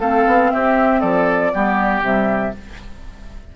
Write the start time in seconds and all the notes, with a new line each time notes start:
0.00 A3 C4 A4 F5
0.27 B3
0.52 C4 G4 E5
1.01 F3 A4 D5
1.53 G3 B3 G4
2.02 C3 G3 E5